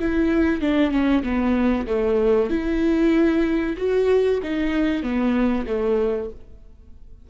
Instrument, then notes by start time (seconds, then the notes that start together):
viola
0.00 E4
0.61 D4
0.91 C#4
1.23 B3
1.87 A3
2.51 E4
3.78 F#4
4.43 D#4
5.03 B3
5.67 A3